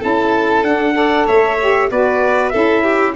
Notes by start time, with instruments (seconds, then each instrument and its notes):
0.00 tuba C#4, saxophone E4, violin A4, trumpet A5
0.63 tuba D4, saxophone D4, trumpet F#5
0.94 saxophone A4, violin D5
1.27 tuba A3, violin C#5, trumpet E5
1.60 saxophone G4
1.91 tuba B3, saxophone F#4, violin B4, trumpet D5
2.49 tuba C#4, saxophone E4, violin A4, trumpet E5
2.84 violin G4